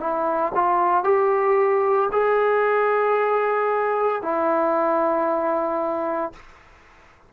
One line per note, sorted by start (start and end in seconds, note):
0.00 0.53 E4
0.55 1.04 F4
1.04 2.10 G4
2.12 4.22 G#4
4.22 6.33 E4